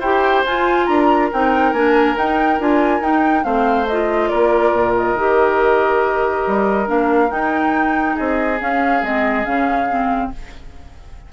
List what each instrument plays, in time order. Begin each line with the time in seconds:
0.00 bassoon E4, clarinet G4, oboe C5, flute G5
0.46 bassoon F4, clarinet F4, flute G#5
0.87 bassoon D4, oboe A#4, flute A#5
1.33 bassoon C4, clarinet D#4, flute G5
1.73 bassoon A#3, clarinet D4, flute G#5
2.15 clarinet D#4, bassoon D#4, flute G5
2.60 bassoon D4, clarinet F4, flute G#5
3.01 bassoon D#4, clarinet D#4, flute G5
3.43 bassoon A3, clarinet C4, oboe C5, flute F5
3.87 clarinet F4, flute D#5
4.29 bassoon A#3, oboe A#4, flute D5
4.72 bassoon A#2
4.96 flute D#5
5.14 bassoon D#3, clarinet G4
6.47 bassoon G3
6.87 bassoon A#3, clarinet D4, flute F5
7.29 clarinet D#4, bassoon D#4, flute G5
8.15 bassoon C4, oboe G#4, flute D#5
8.59 clarinet C#4, bassoon C#4, flute F5
9.03 bassoon G#3, clarinet C4, flute D#5
9.45 bassoon C#3, clarinet C#4, flute F5
9.90 clarinet C4